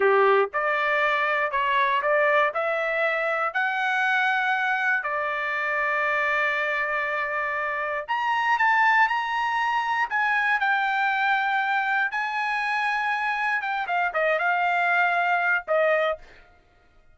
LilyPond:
\new Staff \with { instrumentName = "trumpet" } { \time 4/4 \tempo 4 = 119 g'4 d''2 cis''4 | d''4 e''2 fis''4~ | fis''2 d''2~ | d''1 |
ais''4 a''4 ais''2 | gis''4 g''2. | gis''2. g''8 f''8 | dis''8 f''2~ f''8 dis''4 | }